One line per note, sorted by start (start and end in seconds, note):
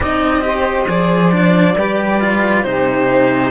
0.00 0.85 C4
0.00 0.41 D#4
0.00 0.44 D5
0.00 0.90 D#5
0.41 0.85 G4
0.41 1.77 C5
0.87 1.75 F3
0.87 1.31 G#4
0.87 2.63 D5
1.31 1.75 D4
1.75 2.63 G3
1.75 2.20 G4
1.75 2.65 B4
2.20 2.64 F4
2.63 3.51 C3
2.63 3.51 D#4
2.63 3.51 G4
2.63 3.51 C5